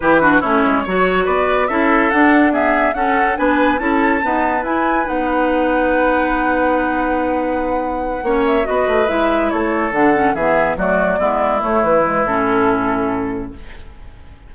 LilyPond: <<
  \new Staff \with { instrumentName = "flute" } { \time 4/4 \tempo 4 = 142 b'4 cis''2 d''4 | e''4 fis''4 e''4 fis''4 | gis''4 a''2 gis''4 | fis''1~ |
fis''1 | e''8 dis''4 e''4 cis''4 fis''8~ | fis''8 e''4 d''2 cis''8 | b'4 a'2. | }
  \new Staff \with { instrumentName = "oboe" } { \time 4/4 g'8 fis'8 e'4 cis''4 b'4 | a'2 gis'4 a'4 | b'4 a'4 b'2~ | b'1~ |
b'2.~ b'8 cis''8~ | cis''8 b'2 a'4.~ | a'8 gis'4 fis'4 e'4.~ | e'1 | }
  \new Staff \with { instrumentName = "clarinet" } { \time 4/4 e'8 d'8 cis'4 fis'2 | e'4 d'4 b4 cis'4 | d'4 e'4 b4 e'4 | dis'1~ |
dis'2.~ dis'8 cis'8~ | cis'8 fis'4 e'2 d'8 | cis'8 b4 a4 b4 a8~ | a8 gis8 cis'2. | }
  \new Staff \with { instrumentName = "bassoon" } { \time 4/4 e4 a8 gis8 fis4 b4 | cis'4 d'2 cis'4 | b4 cis'4 dis'4 e'4 | b1~ |
b2.~ b8 ais8~ | ais8 b8 a8 gis4 a4 d8~ | d8 e4 fis4 gis4 a8 | e4 a,2. | }
>>